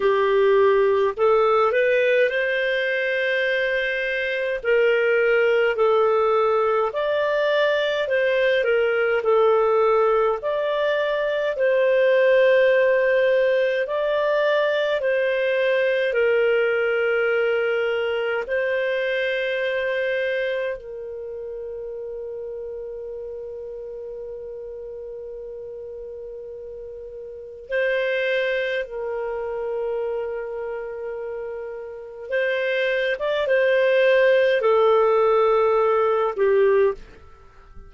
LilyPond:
\new Staff \with { instrumentName = "clarinet" } { \time 4/4 \tempo 4 = 52 g'4 a'8 b'8 c''2 | ais'4 a'4 d''4 c''8 ais'8 | a'4 d''4 c''2 | d''4 c''4 ais'2 |
c''2 ais'2~ | ais'1 | c''4 ais'2. | c''8. d''16 c''4 a'4. g'8 | }